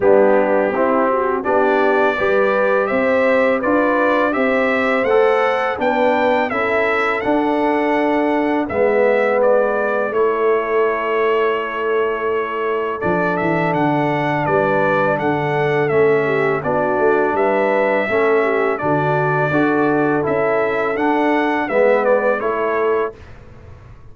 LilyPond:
<<
  \new Staff \with { instrumentName = "trumpet" } { \time 4/4 \tempo 4 = 83 g'2 d''2 | e''4 d''4 e''4 fis''4 | g''4 e''4 fis''2 | e''4 d''4 cis''2~ |
cis''2 d''8 e''8 fis''4 | d''4 fis''4 e''4 d''4 | e''2 d''2 | e''4 fis''4 e''8 d''8 cis''4 | }
  \new Staff \with { instrumentName = "horn" } { \time 4/4 d'4 e'8 fis'8 g'4 b'4 | c''4 b'4 c''2 | b'4 a'2. | b'2 a'2~ |
a'1 | b'4 a'4. g'8 fis'4 | b'4 a'8 g'8 fis'4 a'4~ | a'2 b'4 a'4 | }
  \new Staff \with { instrumentName = "trombone" } { \time 4/4 b4 c'4 d'4 g'4~ | g'4 f'4 g'4 a'4 | d'4 e'4 d'2 | b2 e'2~ |
e'2 d'2~ | d'2 cis'4 d'4~ | d'4 cis'4 d'4 fis'4 | e'4 d'4 b4 e'4 | }
  \new Staff \with { instrumentName = "tuba" } { \time 4/4 g4 c'4 b4 g4 | c'4 d'4 c'4 a4 | b4 cis'4 d'2 | gis2 a2~ |
a2 f8 e8 d4 | g4 d4 a4 b8 a8 | g4 a4 d4 d'4 | cis'4 d'4 gis4 a4 | }
>>